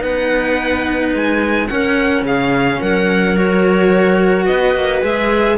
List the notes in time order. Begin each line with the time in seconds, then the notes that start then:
0.00 B3 D#4 B4 F#5
1.14 G#3 G#5
1.68 C#4 A#4 F#5
2.22 C#3 G#4 F5
2.80 F#3 A#4 F#5
3.36 F#4 C#5
4.46 B3 B4 D#5
4.75 A#3
5.02 G#3 G#4 E5